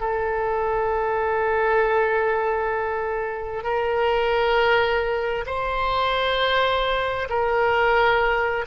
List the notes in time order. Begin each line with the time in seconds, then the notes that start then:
0.00 A4
3.63 A#4
5.46 C5
7.29 A#4